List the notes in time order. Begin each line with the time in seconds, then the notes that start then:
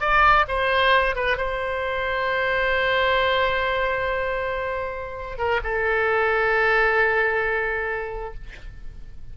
0.00 D5
0.48 C5
1.15 B4
1.37 C5
5.37 A#4
5.63 A4